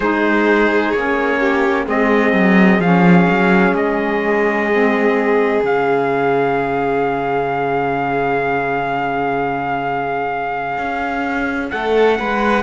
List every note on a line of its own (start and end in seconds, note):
0.00 0.93 G#3
0.00 0.95 D#4
0.00 1.39 G#4
0.00 0.91 C5
0.91 1.87 A#3
0.91 1.87 C#4
0.91 1.84 C#5
1.39 1.86 G4
1.86 2.33 G#3
1.86 2.80 C4
1.86 11.71 G#4
1.86 2.80 D#5
2.33 2.79 F#3
2.79 3.26 F3
2.79 4.69 C#4
2.79 3.74 F5
3.29 3.72 F#3
3.72 5.59 G#3
3.72 5.63 D#5
4.72 5.63 C4
5.62 10.77 C#3
5.62 12.63 C#4
5.62 11.70 F5
10.77 11.71 C#4
11.70 12.19 A3
11.70 12.17 A4
11.70 12.63 F#5
12.18 12.63 G#3
12.18 12.63 B4